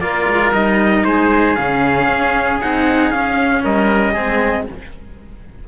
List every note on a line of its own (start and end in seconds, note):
0.00 0.26 A#3
0.00 0.52 F4
0.00 1.07 A#4
0.00 0.52 D5
0.27 0.52 G#3
0.52 1.04 G3
0.52 1.57 D#4
0.52 1.04 D#5
1.04 1.56 G#3
1.04 3.64 G#4
1.04 1.55 C5
1.55 2.08 C#3
1.55 2.62 C#4
1.55 2.59 F5
2.08 2.60 C#4
2.61 3.10 C4
2.61 3.13 D#4
2.61 3.10 F#5
3.10 3.62 C#4
3.10 4.15 C#4
3.10 3.62 F5
3.64 4.16 G3
3.64 4.12 A#4
3.64 4.68 D#5
4.12 4.67 G#3
4.12 4.67 C4
4.12 4.64 G#4